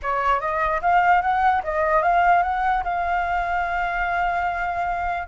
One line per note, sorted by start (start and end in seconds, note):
0.02 0.40 C#5
0.40 0.80 D#5
0.81 1.21 F5
1.21 1.62 F#5
1.63 2.02 D#5
2.02 2.43 F5
2.43 2.83 F#5
2.84 5.27 F5